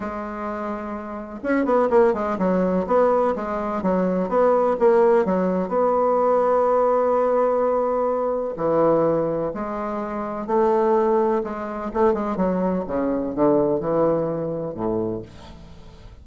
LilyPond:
\new Staff \with { instrumentName = "bassoon" } { \time 4/4 \tempo 4 = 126 gis2. cis'8 b8 | ais8 gis8 fis4 b4 gis4 | fis4 b4 ais4 fis4 | b1~ |
b2 e2 | gis2 a2 | gis4 a8 gis8 fis4 cis4 | d4 e2 a,4 | }